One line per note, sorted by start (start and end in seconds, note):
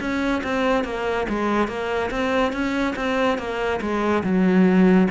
0.00 0.42 C#4
0.43 0.84 C4
0.84 1.26 A#3
1.29 1.68 G#3
1.68 2.10 A#3
2.11 2.52 C4
2.52 2.95 C#4
2.96 3.38 C4
3.38 3.80 A#3
3.81 4.23 G#3
4.23 5.08 F#3